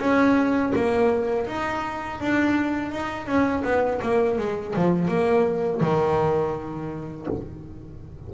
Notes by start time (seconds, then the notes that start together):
0.00 C#4
0.76 A#3
1.47 D#4
2.21 D4
2.92 D#4
3.27 C#4
3.64 B3
4.03 A#3
4.39 G#3
4.76 F3
5.09 A#3
5.81 D#3